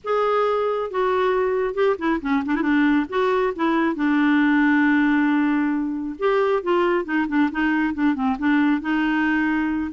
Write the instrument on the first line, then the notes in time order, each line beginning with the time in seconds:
clarinet
0.03 G#4
0.90 F#4
1.74 G4
1.98 E4
2.21 C#4
2.45 D4
2.55 E4
2.61 D4
3.09 F#4
3.55 E4
3.95 D4
6.18 G4
6.62 F4
7.04 D#4
7.28 D4
7.51 D#4
7.94 D4
8.14 C4
8.38 D4
8.81 D#4